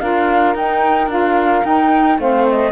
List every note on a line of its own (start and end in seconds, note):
0.00 0.55 D4
0.00 0.55 F4
0.00 2.19 A#4
0.00 0.55 F5
0.55 1.07 D#4
0.55 1.10 D#4
0.55 1.10 G5
1.07 1.62 D4
1.07 1.63 F4
1.07 1.65 F5
1.63 2.18 D#4
1.63 2.19 D#4
1.63 2.20 G5
2.18 2.72 A3
2.18 2.72 C4
2.18 2.72 C5
2.18 2.48 F5
2.49 2.72 D#5